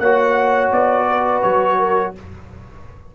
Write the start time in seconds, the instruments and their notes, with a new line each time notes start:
0.00 tuba A#3, trombone F#4, horn C#5, trumpet F#5
0.72 tuba B3, trumpet D5
1.09 horn B4
1.42 tuba F#3, trumpet C#5
1.79 horn A#4